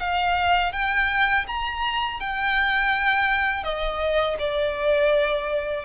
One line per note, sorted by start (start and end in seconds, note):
0.00 0.73 F5
0.73 1.46 G5
1.48 2.21 A#5
2.21 3.64 G5
3.64 4.37 D#5
4.39 5.85 D5